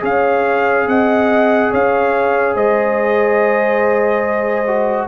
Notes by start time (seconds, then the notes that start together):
0.00 C#4 G#4 C#5 F5
0.87 C4 D#5 F#5
1.71 C#4 C#5 F5
2.55 G#3 C5 D#5
4.67 F#4